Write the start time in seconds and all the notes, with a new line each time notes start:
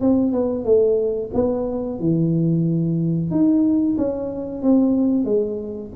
0.00 C4
0.31 B3
0.64 A3
1.33 B3
1.99 E3
3.30 D#4
3.97 C#4
4.62 C4
5.24 G#3